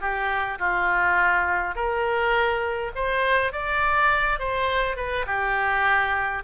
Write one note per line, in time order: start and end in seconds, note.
0.00 0.58 G4
0.59 1.75 F4
1.75 2.92 A#4
2.95 3.52 C5
3.52 4.39 D5
4.39 4.96 C5
4.96 5.26 B4
5.26 6.43 G4